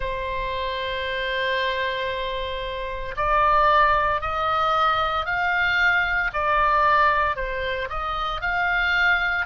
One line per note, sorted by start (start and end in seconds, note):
0.00 3.15 C5
3.16 4.21 D5
4.21 5.25 D#5
5.25 6.31 F5
6.33 7.35 D5
7.35 7.88 C5
7.89 8.41 D#5
8.41 9.45 F5